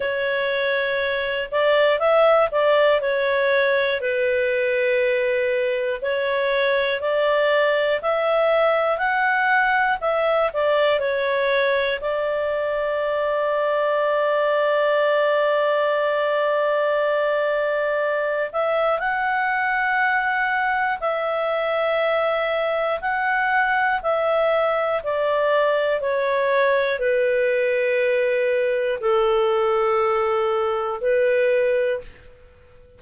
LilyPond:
\new Staff \with { instrumentName = "clarinet" } { \time 4/4 \tempo 4 = 60 cis''4. d''8 e''8 d''8 cis''4 | b'2 cis''4 d''4 | e''4 fis''4 e''8 d''8 cis''4 | d''1~ |
d''2~ d''8 e''8 fis''4~ | fis''4 e''2 fis''4 | e''4 d''4 cis''4 b'4~ | b'4 a'2 b'4 | }